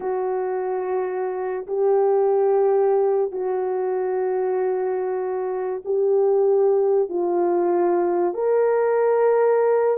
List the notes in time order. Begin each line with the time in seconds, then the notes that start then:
0.00 F#4
1.67 G4
3.31 F#4
5.84 G4
7.09 F4
8.33 A#4